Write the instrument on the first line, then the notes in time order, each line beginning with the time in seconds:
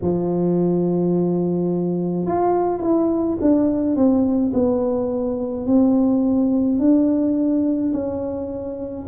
tuba
0.01 F3
2.26 F4
2.81 E4
3.41 D4
3.96 C4
4.53 B3
5.66 C4
6.79 D4
7.92 C#4